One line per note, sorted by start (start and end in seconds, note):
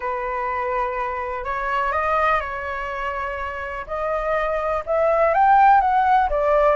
0.00 1.44 B4
1.44 1.92 C#5
1.92 2.40 D#5
2.40 3.85 C#5
3.87 4.83 D#5
4.86 5.34 E5
5.34 5.80 G5
5.80 6.29 F#5
6.29 6.75 D5